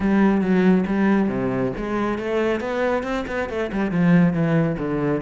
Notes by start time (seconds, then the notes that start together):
0.00 G3
0.41 F#3
0.86 G3
1.28 C3
1.76 G#3
2.18 A3
2.60 B3
3.03 C4
3.27 B3
3.49 A3
3.72 G3
3.91 F3
4.33 E3
4.78 D3